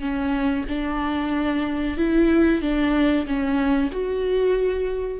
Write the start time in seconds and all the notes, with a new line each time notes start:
0.00 C#4
0.69 D4
1.97 E4
2.61 D4
3.26 C#4
3.91 F#4